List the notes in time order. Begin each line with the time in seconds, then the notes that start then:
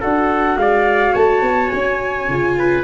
0.00 D4 F#4 A4 F#5
0.56 G#3 D5 F5
1.12 A3 C#5 A5
1.41 B3
1.69 C#4 G#5
2.28 C#3 F4
2.58 B4